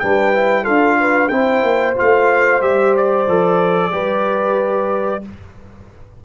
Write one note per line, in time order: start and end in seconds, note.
0.00 0.68 G3
0.00 0.34 D4
0.00 0.64 B4
0.00 0.65 G5
0.34 0.64 E4
0.64 1.31 D4
0.64 1.29 F4
0.64 0.97 A4
0.64 1.29 F5
1.01 1.32 B4
1.29 1.63 C4
1.29 1.96 E4
1.29 3.92 C5
1.29 1.94 G5
1.63 1.96 A#3
1.96 2.62 A3
1.96 2.61 F4
1.96 2.62 F5
2.62 3.27 G3
2.62 3.27 G4
2.62 2.95 E5
2.97 5.25 D5
3.27 3.93 F3
3.27 3.92 A4
3.92 5.24 G3
3.92 5.22 G4
3.92 5.24 B4